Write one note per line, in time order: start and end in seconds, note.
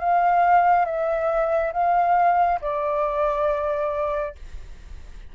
0.00 0.85 F5
0.85 1.72 E5
1.73 2.60 F5
2.61 4.35 D5